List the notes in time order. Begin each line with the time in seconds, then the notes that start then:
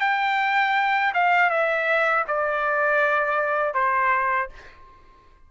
0.00 G5
1.14 F5
1.50 E5
2.27 D5
3.74 C5